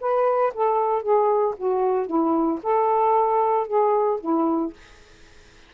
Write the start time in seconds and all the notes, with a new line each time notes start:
0.00 B4
0.54 A4
1.02 G#4
1.57 F#4
2.06 E4
2.62 A4
3.67 G#4
4.20 E4